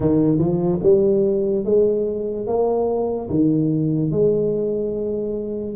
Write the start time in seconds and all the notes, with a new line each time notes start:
0.00 D#3
0.38 F3
0.83 G3
1.64 G#3
2.47 A#3
3.29 D#3
4.11 G#3